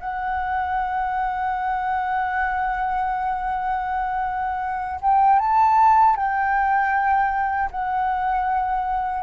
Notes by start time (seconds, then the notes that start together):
0.00 F#5
5.01 G5
5.39 A5
6.16 G5
7.71 F#5